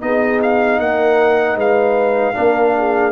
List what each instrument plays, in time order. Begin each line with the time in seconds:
0.00 tuba B3, trombone D#4, horn G#4, trumpet D#5
0.42 trumpet F5
0.79 tuba A#3, horn A#4, trumpet F#5
1.56 tuba G#3, horn B4, trumpet F5
2.34 tuba A#3, trombone D4, horn A#4
2.77 horn G#4